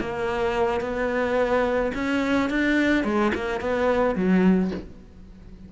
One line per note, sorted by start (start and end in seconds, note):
0.00 0.81 A#3
0.81 1.92 B3
1.94 2.50 C#4
2.50 3.04 D4
3.04 3.32 G#3
3.35 3.60 A#3
3.60 4.15 B3
4.15 4.71 F#3